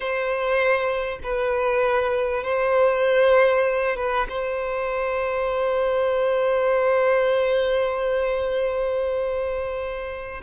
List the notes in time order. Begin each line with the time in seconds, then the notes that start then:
0.00 C5
1.23 B4
2.43 C5
3.96 B4
4.29 C5